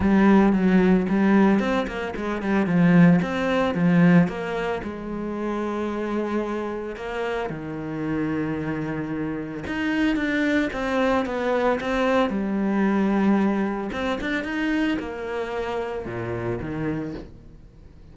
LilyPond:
\new Staff \with { instrumentName = "cello" } { \time 4/4 \tempo 4 = 112 g4 fis4 g4 c'8 ais8 | gis8 g8 f4 c'4 f4 | ais4 gis2.~ | gis4 ais4 dis2~ |
dis2 dis'4 d'4 | c'4 b4 c'4 g4~ | g2 c'8 d'8 dis'4 | ais2 ais,4 dis4 | }